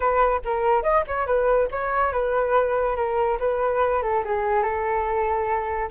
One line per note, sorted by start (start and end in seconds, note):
0.00 0.41 B4
0.44 0.82 A#4
0.82 1.04 D#5
1.07 1.26 C#5
1.26 1.68 B4
1.71 2.12 C#5
2.12 2.96 B4
2.96 3.38 A#4
3.39 4.02 B4
4.02 4.23 A4
4.25 4.62 G#4
4.62 5.89 A4